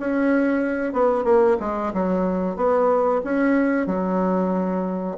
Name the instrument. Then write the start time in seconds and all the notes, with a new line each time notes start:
bassoon
0.00 C#4
0.93 B3
1.24 A#3
1.60 G#3
1.93 F#3
2.56 B3
3.24 C#4
3.87 F#3